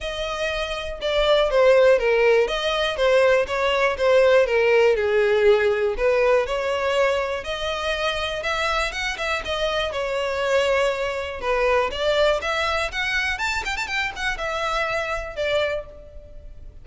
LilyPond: \new Staff \with { instrumentName = "violin" } { \time 4/4 \tempo 4 = 121 dis''2 d''4 c''4 | ais'4 dis''4 c''4 cis''4 | c''4 ais'4 gis'2 | b'4 cis''2 dis''4~ |
dis''4 e''4 fis''8 e''8 dis''4 | cis''2. b'4 | d''4 e''4 fis''4 a''8 g''16 a''16 | g''8 fis''8 e''2 d''4 | }